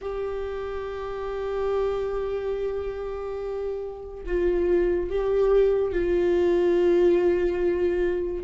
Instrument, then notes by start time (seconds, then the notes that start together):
viola
0.01 G4
4.26 F4
5.09 G4
5.92 F4